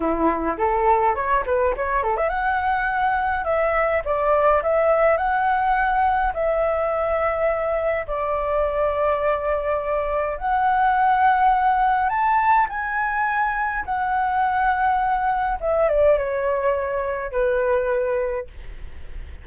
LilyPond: \new Staff \with { instrumentName = "flute" } { \time 4/4 \tempo 4 = 104 e'4 a'4 cis''8 b'8 cis''8 a'16 e''16 | fis''2 e''4 d''4 | e''4 fis''2 e''4~ | e''2 d''2~ |
d''2 fis''2~ | fis''4 a''4 gis''2 | fis''2. e''8 d''8 | cis''2 b'2 | }